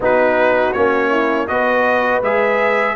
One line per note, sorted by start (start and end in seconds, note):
0.00 0.73 B3
0.00 0.75 D#4
0.00 1.09 F#4
0.00 0.73 B4
0.73 1.49 A#3
0.73 1.48 C#4
0.73 1.47 C#5
1.09 1.46 E4
1.47 2.22 B3
1.47 2.22 F#4
1.47 2.96 B4
1.47 2.21 D#5
2.22 2.96 G#3
2.22 2.96 G#4
2.22 2.96 E5